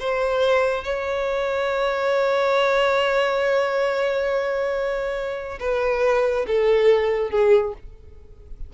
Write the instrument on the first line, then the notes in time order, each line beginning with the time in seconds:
violin
0.00 C5
0.84 C#5
5.60 B4
6.47 A4
7.31 G#4